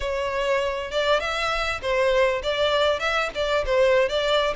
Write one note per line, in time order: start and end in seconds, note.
0.00 0.91 C#5
0.91 1.20 D5
1.20 1.80 E5
1.81 2.42 C5
2.42 2.99 D5
2.99 3.29 E5
3.34 3.64 D5
3.65 4.09 C5
4.09 4.54 D5